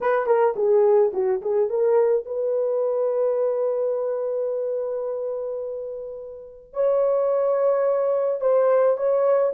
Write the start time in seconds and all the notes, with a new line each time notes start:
0.01 B4
0.26 A#4
0.56 G#4
1.13 F#4
1.41 G#4
1.69 A#4
2.25 B4
6.73 C#5
8.41 C5
8.97 C#5